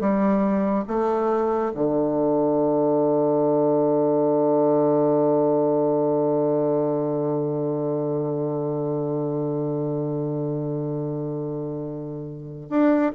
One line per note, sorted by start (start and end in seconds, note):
0.00 0.85 G3
0.88 1.72 A3
1.74 12.70 D3
12.70 13.12 D4